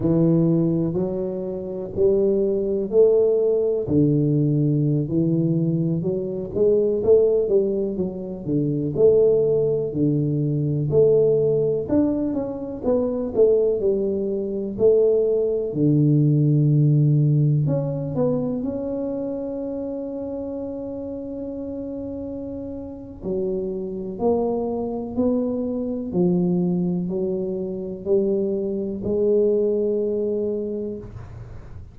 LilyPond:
\new Staff \with { instrumentName = "tuba" } { \time 4/4 \tempo 4 = 62 e4 fis4 g4 a4 | d4~ d16 e4 fis8 gis8 a8 g16~ | g16 fis8 d8 a4 d4 a8.~ | a16 d'8 cis'8 b8 a8 g4 a8.~ |
a16 d2 cis'8 b8 cis'8.~ | cis'1 | fis4 ais4 b4 f4 | fis4 g4 gis2 | }